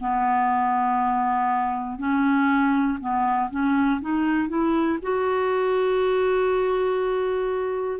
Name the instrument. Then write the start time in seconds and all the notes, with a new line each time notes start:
clarinet
0.00 B3
1.98 C#4
3.00 B3
3.50 C#4
4.01 D#4
4.49 E4
5.02 F#4